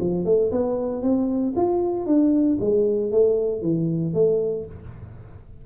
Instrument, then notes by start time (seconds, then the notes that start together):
tuba
0.00 F3
0.25 A3
0.51 B3
1.02 C4
1.56 F4
2.06 D4
2.60 G#3
3.11 A3
3.62 E3
4.14 A3